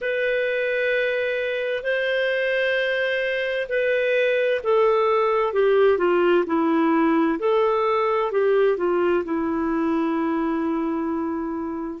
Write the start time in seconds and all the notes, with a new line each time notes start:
0.01 B4
1.83 C5
3.68 B4
4.63 A4
5.53 G4
5.97 F4
6.46 E4
7.39 A4
8.31 G4
8.77 F4
9.24 E4